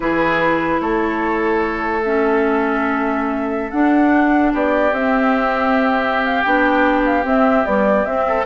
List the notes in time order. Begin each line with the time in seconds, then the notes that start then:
0.00 E3 E4 G#4 B4
0.80 A3 A4 C#5
2.03 C#4 E5
3.70 D4 F#5
4.52 B3 G4 D5
4.91 C4 E5
6.24 F5
6.41 B3 D4 G5
7.05 F5
7.23 C4 E5
7.64 G3 B3 D5
8.05 C4 E5
8.27 A4